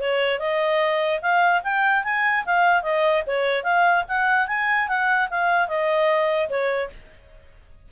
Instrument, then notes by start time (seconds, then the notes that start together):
clarinet
0.00 C#5
0.39 D#5
1.21 F5
1.63 G5
2.03 G#5
2.45 F5
2.82 D#5
3.26 C#5
3.63 F5
4.08 F#5
4.47 G#5
4.88 F#5
5.30 F5
5.67 D#5
6.49 C#5